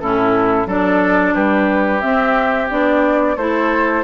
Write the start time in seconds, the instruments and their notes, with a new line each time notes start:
0.00 bassoon A2, clarinet C#4, oboe E4, flute A4
0.66 bassoon F#3, clarinet D4, oboe A4, flute D5
1.34 bassoon G3, oboe G4, flute B4
2.00 clarinet C4, bassoon C4, flute E5
2.70 bassoon B3, clarinet D4, flute D5
3.36 bassoon A3, clarinet E4, oboe A4, flute C5